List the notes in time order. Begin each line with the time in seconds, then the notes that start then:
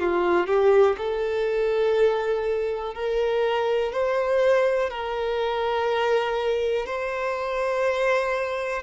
0.00 F4
0.47 G4
0.98 A4
2.95 A#4
3.93 C5
4.90 A#4
6.86 C5